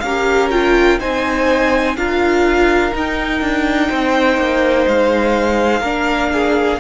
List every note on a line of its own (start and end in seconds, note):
0.00 0.99 C#4
0.00 1.00 A#4
0.00 0.48 F5
0.06 0.52 G4
0.51 1.00 F4
0.51 0.99 G5
1.00 1.96 C4
1.00 1.97 D#4
1.00 1.96 C5
1.00 1.97 G#5
1.96 2.93 D4
1.96 2.92 F4
1.96 3.89 A#4
1.96 2.94 F5
2.92 5.82 D#4
2.92 3.41 D#4
2.92 4.88 G5
3.41 3.90 D4
3.89 4.37 C4
3.89 5.81 C5
4.37 4.86 A#3
4.87 5.81 G#3
4.87 6.80 F5
5.81 6.78 A#3
5.81 6.80 D4
5.81 6.29 A#4
6.33 6.80 G#4